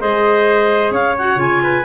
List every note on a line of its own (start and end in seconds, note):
0.00 0.91 G#3
0.00 1.15 G#4
0.00 0.93 C5
0.00 0.93 D#5
0.91 1.36 C#4
0.91 1.62 C#5
0.91 1.17 F5
1.18 1.37 F#4
1.18 1.40 F#5
1.36 1.83 C#3
1.36 1.83 F4
1.36 1.85 G#5
1.64 1.85 B4